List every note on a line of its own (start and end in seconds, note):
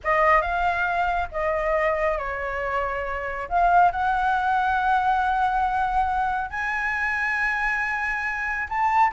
0.03 0.41 D#5
0.41 1.28 F5
1.31 2.17 D#5
2.17 3.48 C#5
3.48 3.91 F5
3.91 6.50 F#5
6.50 8.68 G#5
8.69 9.12 A5